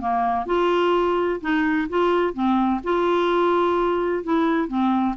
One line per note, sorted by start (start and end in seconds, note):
0.00 0.46 A#3
0.46 1.40 F4
1.40 1.88 D#4
1.89 2.33 F4
2.33 2.81 C4
2.83 4.23 F4
4.23 4.68 E4
4.68 5.15 C4